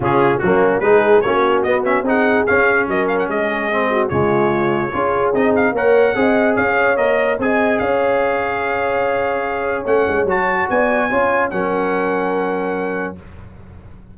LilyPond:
<<
  \new Staff \with { instrumentName = "trumpet" } { \time 4/4 \tempo 4 = 146 gis'4 fis'4 b'4 cis''4 | dis''8 e''8 fis''4 f''4 dis''8 f''16 fis''16 | dis''2 cis''2~ | cis''4 dis''8 f''8 fis''2 |
f''4 dis''4 gis''4 f''4~ | f''1 | fis''4 a''4 gis''2 | fis''1 | }
  \new Staff \with { instrumentName = "horn" } { \time 4/4 f'4 cis'4 gis'4 fis'4~ | fis'4 gis'2 ais'4 | gis'4. fis'8 f'2 | gis'2 cis''4 dis''4 |
cis''2 dis''4 cis''4~ | cis''1~ | cis''2 d''4 cis''4 | ais'1 | }
  \new Staff \with { instrumentName = "trombone" } { \time 4/4 cis'4 ais4 dis'4 cis'4 | b8 cis'8 dis'4 cis'2~ | cis'4 c'4 gis2 | f'4 dis'4 ais'4 gis'4~ |
gis'4 ais'4 gis'2~ | gis'1 | cis'4 fis'2 f'4 | cis'1 | }
  \new Staff \with { instrumentName = "tuba" } { \time 4/4 cis4 fis4 gis4 ais4 | b4 c'4 cis'4 fis4 | gis2 cis2 | cis'4 c'4 ais4 c'4 |
cis'4 ais4 c'4 cis'4~ | cis'1 | a8 gis8 fis4 b4 cis'4 | fis1 | }
>>